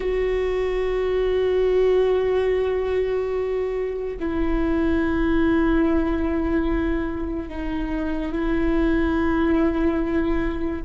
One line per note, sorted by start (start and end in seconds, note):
0.00 4.17 F#4
4.19 7.48 E4
7.48 8.31 D#4
8.31 10.81 E4